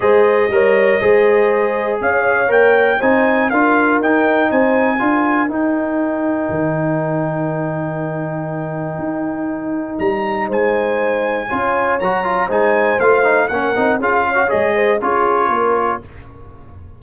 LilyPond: <<
  \new Staff \with { instrumentName = "trumpet" } { \time 4/4 \tempo 4 = 120 dis''1 | f''4 g''4 gis''4 f''4 | g''4 gis''2 g''4~ | g''1~ |
g''1 | ais''4 gis''2. | ais''4 gis''4 f''4 fis''4 | f''4 dis''4 cis''2 | }
  \new Staff \with { instrumentName = "horn" } { \time 4/4 c''4 cis''4 c''2 | cis''2 c''4 ais'4~ | ais'4 c''4 ais'2~ | ais'1~ |
ais'1~ | ais'4 c''2 cis''4~ | cis''4 c''2 ais'4 | gis'8 cis''4 c''8 gis'4 ais'4 | }
  \new Staff \with { instrumentName = "trombone" } { \time 4/4 gis'4 ais'4 gis'2~ | gis'4 ais'4 dis'4 f'4 | dis'2 f'4 dis'4~ | dis'1~ |
dis'1~ | dis'2. f'4 | fis'8 f'8 dis'4 f'8 dis'8 cis'8 dis'8 | f'8. fis'16 gis'4 f'2 | }
  \new Staff \with { instrumentName = "tuba" } { \time 4/4 gis4 g4 gis2 | cis'4 ais4 c'4 d'4 | dis'4 c'4 d'4 dis'4~ | dis'4 dis2.~ |
dis2 dis'2 | g4 gis2 cis'4 | fis4 gis4 a4 ais8 c'8 | cis'4 gis4 cis'4 ais4 | }
>>